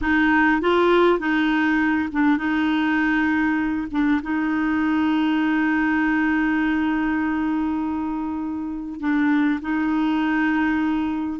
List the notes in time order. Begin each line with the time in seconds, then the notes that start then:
0.01 D#4
0.61 F4
1.19 D#4
2.12 D4
2.37 D#4
3.91 D4
4.22 D#4
9.00 D4
9.61 D#4